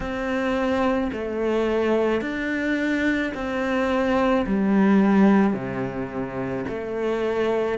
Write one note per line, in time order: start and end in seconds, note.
0.00 1.10 C4
1.12 2.21 A3
2.21 3.32 D4
3.34 4.45 C4
4.46 5.53 G3
5.53 6.64 C3
6.68 7.78 A3